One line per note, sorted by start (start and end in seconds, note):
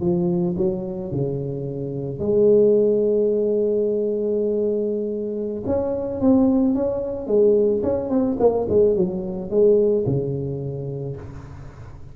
0.00 0.55 F3
0.57 1.11 F#3
1.11 2.19 C#3
2.19 5.63 G#3
5.66 6.20 C#4
6.20 6.74 C4
6.74 7.27 C#4
7.27 7.82 G#3
7.83 8.09 C#4
8.09 8.37 C4
8.39 8.67 A#3
8.69 8.95 G#3
8.95 9.50 F#3
9.50 10.05 G#3
10.06 11.16 C#3